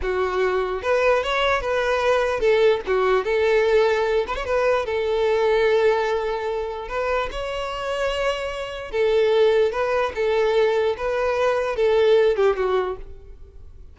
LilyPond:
\new Staff \with { instrumentName = "violin" } { \time 4/4 \tempo 4 = 148 fis'2 b'4 cis''4 | b'2 a'4 fis'4 | a'2~ a'8 b'16 cis''16 b'4 | a'1~ |
a'4 b'4 cis''2~ | cis''2 a'2 | b'4 a'2 b'4~ | b'4 a'4. g'8 fis'4 | }